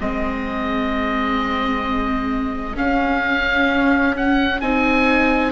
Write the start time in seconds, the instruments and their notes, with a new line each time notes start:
0.00 bassoon G#3, viola C4, horn G#4, oboe D#5
2.75 viola C#4, bassoon C#4, oboe F5
4.17 oboe F#5
4.61 bassoon C4, viola D#4, oboe G#5